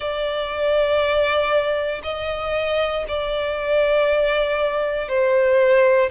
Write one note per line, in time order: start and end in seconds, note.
0.00 2.01 D5
2.03 3.05 D#5
3.07 5.08 D5
5.08 6.10 C5